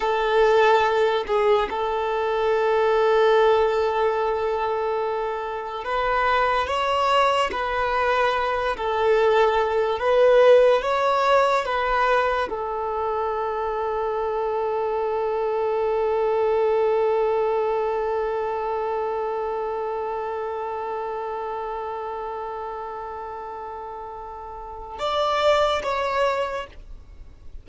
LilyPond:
\new Staff \with { instrumentName = "violin" } { \time 4/4 \tempo 4 = 72 a'4. gis'8 a'2~ | a'2. b'4 | cis''4 b'4. a'4. | b'4 cis''4 b'4 a'4~ |
a'1~ | a'1~ | a'1~ | a'2 d''4 cis''4 | }